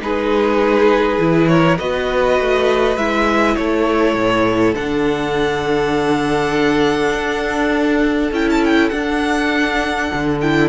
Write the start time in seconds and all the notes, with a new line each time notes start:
0.00 G#3 D#4 G#4 B4
1.18 E3 E4
1.47 A#4 C#5
1.78 B3 F#4 B4 D#5
2.40 A3
2.96 G#3 E4 E5
3.56 A3 A4 C#5
4.14 A2
4.75 D3 D4 F#5
7.14 D4
8.31 C#4 E4 G5
8.50 A5
8.65 G5
8.89 D4 F#5
10.13 D3
10.41 E4 G5